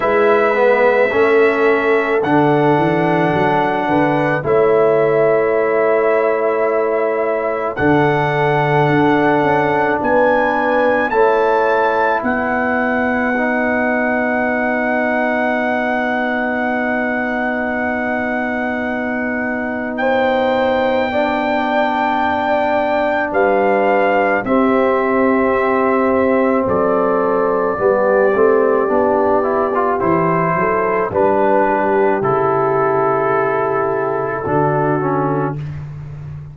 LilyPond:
<<
  \new Staff \with { instrumentName = "trumpet" } { \time 4/4 \tempo 4 = 54 e''2 fis''2 | e''2. fis''4~ | fis''4 gis''4 a''4 fis''4~ | fis''1~ |
fis''2 g''2~ | g''4 f''4 e''2 | d''2. c''4 | b'4 a'2. | }
  \new Staff \with { instrumentName = "horn" } { \time 4/4 b'4 a'2~ a'8 b'8 | cis''2. a'4~ | a'4 b'4 cis''4 b'4~ | b'1~ |
b'2 c''4 d''4~ | d''4 b'4 g'2 | a'4 g'2~ g'8 a'8 | b'8 g'2~ g'8 fis'4 | }
  \new Staff \with { instrumentName = "trombone" } { \time 4/4 e'8 b8 cis'4 d'2 | e'2. d'4~ | d'2 e'2 | dis'1~ |
dis'2. d'4~ | d'2 c'2~ | c'4 b8 c'8 d'8 e'16 f'16 e'4 | d'4 e'2 d'8 cis'8 | }
  \new Staff \with { instrumentName = "tuba" } { \time 4/4 gis4 a4 d8 e8 fis8 d8 | a2. d4 | d'8 cis'8 b4 a4 b4~ | b1~ |
b1~ | b4 g4 c'2 | fis4 g8 a8 b4 e8 fis8 | g4 cis2 d4 | }
>>